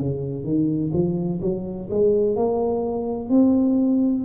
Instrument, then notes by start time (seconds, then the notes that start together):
tuba
0.00 C#3
0.44 D#3
0.93 F3
1.41 F#3
1.90 G#3
2.36 A#3
3.29 C4